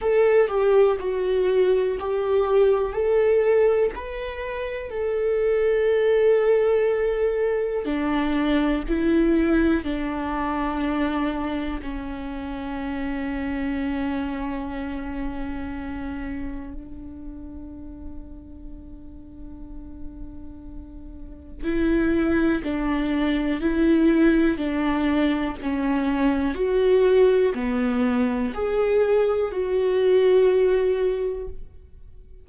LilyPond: \new Staff \with { instrumentName = "viola" } { \time 4/4 \tempo 4 = 61 a'8 g'8 fis'4 g'4 a'4 | b'4 a'2. | d'4 e'4 d'2 | cis'1~ |
cis'4 d'2.~ | d'2 e'4 d'4 | e'4 d'4 cis'4 fis'4 | b4 gis'4 fis'2 | }